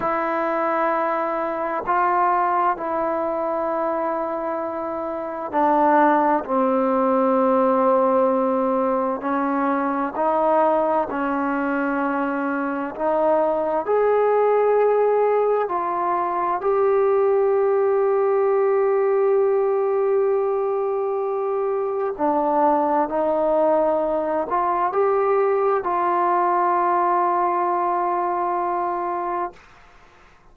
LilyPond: \new Staff \with { instrumentName = "trombone" } { \time 4/4 \tempo 4 = 65 e'2 f'4 e'4~ | e'2 d'4 c'4~ | c'2 cis'4 dis'4 | cis'2 dis'4 gis'4~ |
gis'4 f'4 g'2~ | g'1 | d'4 dis'4. f'8 g'4 | f'1 | }